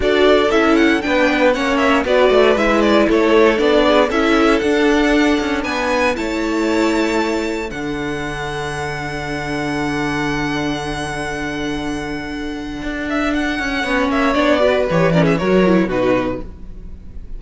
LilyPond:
<<
  \new Staff \with { instrumentName = "violin" } { \time 4/4 \tempo 4 = 117 d''4 e''8 fis''8 g''4 fis''8 e''8 | d''4 e''8 d''8 cis''4 d''4 | e''4 fis''2 gis''4 | a''2. fis''4~ |
fis''1~ | fis''1~ | fis''4. e''8 fis''4. e''8 | d''4 cis''8 d''16 e''16 cis''4 b'4 | }
  \new Staff \with { instrumentName = "violin" } { \time 4/4 a'2 b'4 cis''4 | b'2 a'4. gis'8 | a'2. b'4 | cis''2. a'4~ |
a'1~ | a'1~ | a'2. cis''4~ | cis''8 b'4 ais'16 gis'16 ais'4 fis'4 | }
  \new Staff \with { instrumentName = "viola" } { \time 4/4 fis'4 e'4 d'4 cis'4 | fis'4 e'2 d'4 | e'4 d'2. | e'2. d'4~ |
d'1~ | d'1~ | d'2. cis'4 | d'8 fis'8 g'8 cis'8 fis'8 e'8 dis'4 | }
  \new Staff \with { instrumentName = "cello" } { \time 4/4 d'4 cis'4 b4 ais4 | b8 a8 gis4 a4 b4 | cis'4 d'4. cis'8 b4 | a2. d4~ |
d1~ | d1~ | d4 d'4. cis'8 b8 ais8 | b4 e4 fis4 b,4 | }
>>